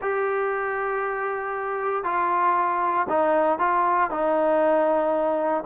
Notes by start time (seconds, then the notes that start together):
0.01 G4
2.04 F4
3.09 D#4
3.59 F4
4.10 D#4